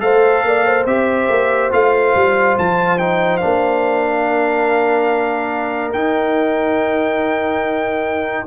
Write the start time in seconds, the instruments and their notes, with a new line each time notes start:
0.00 tuba A3, trombone A4, horn C5, trumpet F5
0.43 tuba A#3, horn D5
0.66 horn C5
0.85 tuba C4, trombone G4, trumpet E5
1.29 tuba A#3
1.71 tuba A3, trombone F4, trumpet F5
2.15 tuba G3
2.58 tuba F3, trumpet A5
2.98 trombone D#4, trumpet G5
3.37 trombone D4, trumpet F5
3.44 tuba A#3
4.22 horn A#4
5.92 tuba D#4, trombone D#4, trumpet G5